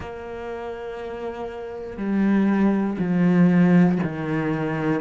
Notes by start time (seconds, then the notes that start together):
0.00 A#3
1.97 G3
2.99 F3
4.03 D#3